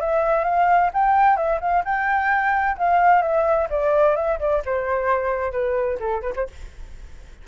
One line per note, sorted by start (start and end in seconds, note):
0.00 0.44 E5
0.44 0.90 F5
0.93 1.36 G5
1.36 1.59 E5
1.60 1.83 F5
1.84 2.77 G5
2.78 3.22 F5
3.22 3.68 E5
3.70 4.16 D5
4.16 4.39 E5
4.39 4.62 D5
4.65 5.52 C5
5.52 5.98 B4
6.00 6.21 A4
6.21 6.33 B4
6.36 6.47 C5